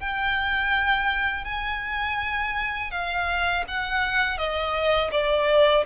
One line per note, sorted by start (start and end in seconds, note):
0.00 1.45 G5
1.45 2.91 G#5
2.91 3.65 F5
3.68 4.38 F#5
4.38 5.11 D#5
5.12 5.85 D5